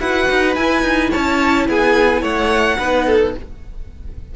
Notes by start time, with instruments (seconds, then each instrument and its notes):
0.00 cello E4, viola F#4, violin B4 F#5
0.30 cello D#4
0.55 cello E4, viola E4, violin G#5
0.82 cello D#4
1.11 cello C#4, violin C#5 A5
1.69 cello B3, violin G#4 G#5
2.22 cello A3, violin C#5 F#5
2.79 cello B3, viola D#4, violin B4
3.07 violin A4